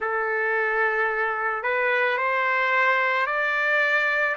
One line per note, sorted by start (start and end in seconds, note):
0.00 1.63 A4
1.63 2.17 B4
2.17 3.26 C5
3.26 4.35 D5